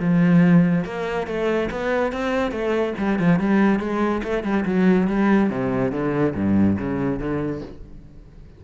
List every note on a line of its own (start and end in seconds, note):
0.00 0.85 F3
0.85 1.27 A#3
1.27 1.69 A3
1.71 2.12 B3
2.12 2.51 C4
2.51 2.94 A3
2.98 3.19 G3
3.19 3.40 F3
3.40 3.80 G3
3.80 4.22 G#3
4.23 4.43 A3
4.43 4.65 G3
4.65 5.08 F#3
5.08 5.50 G3
5.50 5.92 C3
5.92 6.34 D3
6.35 6.77 G2
6.78 7.19 C#3
7.19 7.62 D3